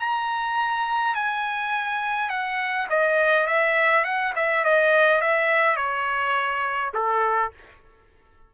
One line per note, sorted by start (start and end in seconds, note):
0.00 1.15 A#5
1.15 2.30 G#5
2.30 2.88 F#5
2.90 3.47 D#5
3.47 4.05 E5
4.05 4.33 F#5
4.36 4.64 E5
4.65 5.22 D#5
5.22 5.76 E5
5.76 6.92 C#5
6.94 7.52 A4